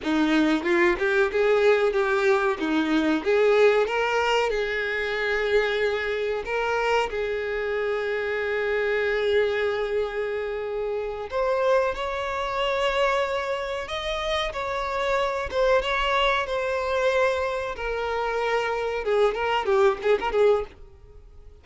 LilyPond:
\new Staff \with { instrumentName = "violin" } { \time 4/4 \tempo 4 = 93 dis'4 f'8 g'8 gis'4 g'4 | dis'4 gis'4 ais'4 gis'4~ | gis'2 ais'4 gis'4~ | gis'1~ |
gis'4. c''4 cis''4.~ | cis''4. dis''4 cis''4. | c''8 cis''4 c''2 ais'8~ | ais'4. gis'8 ais'8 g'8 gis'16 ais'16 gis'8 | }